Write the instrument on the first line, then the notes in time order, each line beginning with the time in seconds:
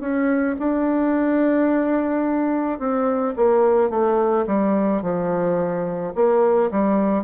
bassoon
0.00 C#4
0.59 D4
2.79 C4
3.36 A#3
3.89 A3
4.46 G3
5.02 F3
6.15 A#3
6.71 G3